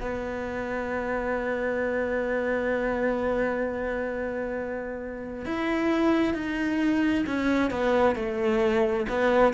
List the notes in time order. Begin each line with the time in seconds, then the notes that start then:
0.00 B3
5.45 E4
6.33 D#4
7.26 C#4
7.70 B3
8.15 A3
9.09 B3